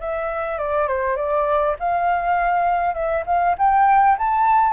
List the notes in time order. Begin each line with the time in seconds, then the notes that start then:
0.00 E5
0.58 D5
0.87 C5
1.16 D5
1.79 F5
2.94 E5
3.26 F5
3.58 G5
4.18 A5